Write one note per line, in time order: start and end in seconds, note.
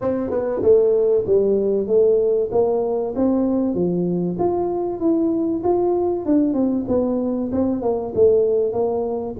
0.01 0.30 C4
0.30 0.61 B3
0.62 1.24 A3
1.26 1.87 G3
1.87 2.49 A3
2.51 3.14 A#3
3.15 3.74 C4
3.74 4.36 F3
4.39 4.99 F4
4.99 5.62 E4
5.63 6.25 F4
6.25 6.53 D4
6.53 6.85 C4
6.88 7.50 B3
7.51 7.82 C4
7.82 8.13 A#3
8.14 8.72 A3
8.72 9.35 A#3